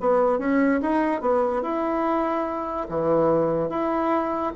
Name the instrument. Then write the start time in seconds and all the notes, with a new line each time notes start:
bassoon
0.00 B3
0.39 C#4
0.81 D#4
1.21 B3
1.62 E4
2.89 E3
3.69 E4